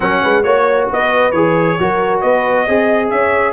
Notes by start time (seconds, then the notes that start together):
0.00 F#3 C#4 A#4 F#5
0.22 G#3 B4
0.43 A#3 F#4 C#5
0.89 B3 B4 D#5
1.31 E3 G#4 C#5
1.79 F#3 F#4 A#4
2.20 B3 B4 D#5
2.65 C4 G#4 D#5
3.10 C#4 C#5 E5